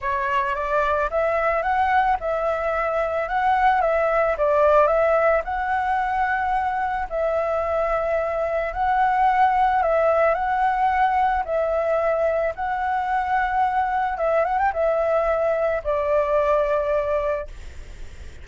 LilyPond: \new Staff \with { instrumentName = "flute" } { \time 4/4 \tempo 4 = 110 cis''4 d''4 e''4 fis''4 | e''2 fis''4 e''4 | d''4 e''4 fis''2~ | fis''4 e''2. |
fis''2 e''4 fis''4~ | fis''4 e''2 fis''4~ | fis''2 e''8 fis''16 g''16 e''4~ | e''4 d''2. | }